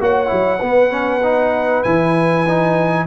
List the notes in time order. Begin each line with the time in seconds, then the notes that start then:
0.00 A#3 F#4 C#5 F#5
0.27 F#3 E4
0.59 B3 B4
0.90 C#4
1.23 D#4
1.83 E3 E4 G#5
2.48 D#4